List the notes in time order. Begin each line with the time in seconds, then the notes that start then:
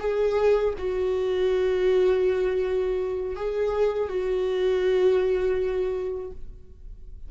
0.00 G#4
0.78 F#4
3.36 G#4
4.09 F#4